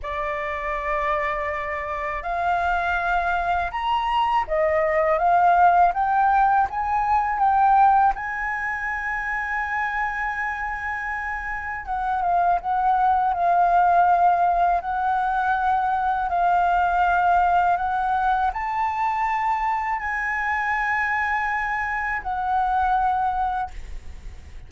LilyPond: \new Staff \with { instrumentName = "flute" } { \time 4/4 \tempo 4 = 81 d''2. f''4~ | f''4 ais''4 dis''4 f''4 | g''4 gis''4 g''4 gis''4~ | gis''1 |
fis''8 f''8 fis''4 f''2 | fis''2 f''2 | fis''4 a''2 gis''4~ | gis''2 fis''2 | }